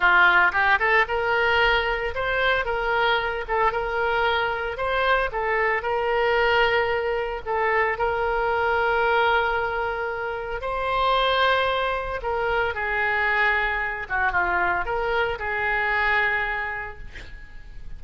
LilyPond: \new Staff \with { instrumentName = "oboe" } { \time 4/4 \tempo 4 = 113 f'4 g'8 a'8 ais'2 | c''4 ais'4. a'8 ais'4~ | ais'4 c''4 a'4 ais'4~ | ais'2 a'4 ais'4~ |
ais'1 | c''2. ais'4 | gis'2~ gis'8 fis'8 f'4 | ais'4 gis'2. | }